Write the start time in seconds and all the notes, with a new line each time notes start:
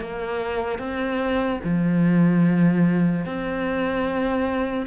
0.00 A#3
0.79 C4
1.64 F3
3.25 C4